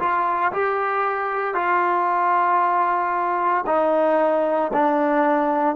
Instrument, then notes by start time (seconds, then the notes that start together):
trombone
0.00 F4
0.53 G4
1.55 F4
3.67 D#4
4.74 D4